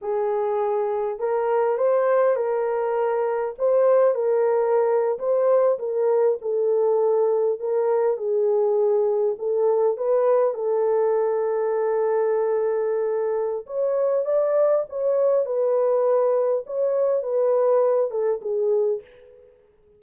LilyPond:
\new Staff \with { instrumentName = "horn" } { \time 4/4 \tempo 4 = 101 gis'2 ais'4 c''4 | ais'2 c''4 ais'4~ | ais'8. c''4 ais'4 a'4~ a'16~ | a'8. ais'4 gis'2 a'16~ |
a'8. b'4 a'2~ a'16~ | a'2. cis''4 | d''4 cis''4 b'2 | cis''4 b'4. a'8 gis'4 | }